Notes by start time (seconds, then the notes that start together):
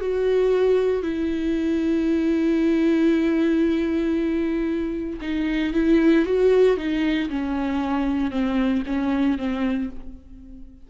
0.00 F#4
1.02 E4
5.21 D#4
5.73 E4
6.25 F#4
6.76 D#4
7.29 C#4
8.31 C4
8.86 C#4
9.37 C4